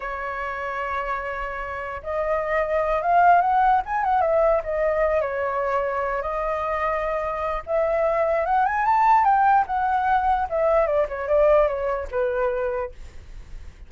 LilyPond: \new Staff \with { instrumentName = "flute" } { \time 4/4 \tempo 4 = 149 cis''1~ | cis''4 dis''2~ dis''8 f''8~ | f''8 fis''4 gis''8 fis''8 e''4 dis''8~ | dis''4 cis''2~ cis''8 dis''8~ |
dis''2. e''4~ | e''4 fis''8 gis''8 a''4 g''4 | fis''2 e''4 d''8 cis''8 | d''4 cis''4 b'2 | }